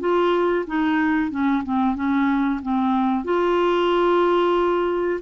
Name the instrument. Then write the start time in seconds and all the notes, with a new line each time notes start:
clarinet
0.00 F4
0.67 D#4
1.31 C#4
1.64 C4
1.96 C#4
2.63 C4
3.25 F4